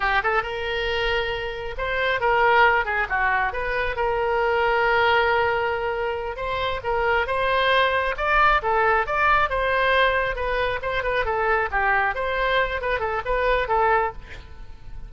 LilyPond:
\new Staff \with { instrumentName = "oboe" } { \time 4/4 \tempo 4 = 136 g'8 a'8 ais'2. | c''4 ais'4. gis'8 fis'4 | b'4 ais'2.~ | ais'2~ ais'8 c''4 ais'8~ |
ais'8 c''2 d''4 a'8~ | a'8 d''4 c''2 b'8~ | b'8 c''8 b'8 a'4 g'4 c''8~ | c''4 b'8 a'8 b'4 a'4 | }